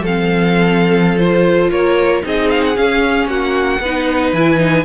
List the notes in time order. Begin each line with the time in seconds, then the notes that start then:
0.00 F3 C4 A4 F5
1.18 F4 C5
1.70 A#3 A#4 C#5
2.23 C4 D#4 G#4 D#5
2.51 F5
2.65 F#5
2.76 C#4 F5
3.27 A#3 F#4 F#5
3.80 B3 D#4 B4
4.33 E3 E4 G#5
4.58 D#4